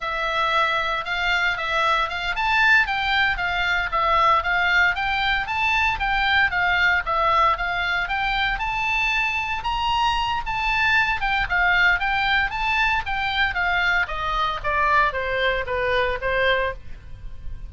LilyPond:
\new Staff \with { instrumentName = "oboe" } { \time 4/4 \tempo 4 = 115 e''2 f''4 e''4 | f''8 a''4 g''4 f''4 e''8~ | e''8 f''4 g''4 a''4 g''8~ | g''8 f''4 e''4 f''4 g''8~ |
g''8 a''2 ais''4. | a''4. g''8 f''4 g''4 | a''4 g''4 f''4 dis''4 | d''4 c''4 b'4 c''4 | }